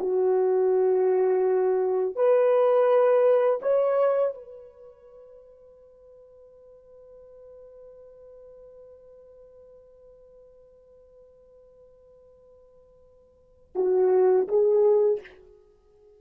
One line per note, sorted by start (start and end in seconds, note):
0.00 2.16 F#4
2.16 3.60 B4
3.62 4.35 C#5
4.35 13.74 B4
13.75 14.48 F#4
14.48 15.21 G#4